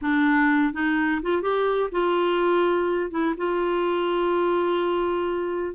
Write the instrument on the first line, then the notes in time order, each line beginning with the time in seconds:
clarinet
0.01 D4
0.73 D#4
1.22 F4
1.42 G4
1.91 F4
3.10 E4
3.37 F4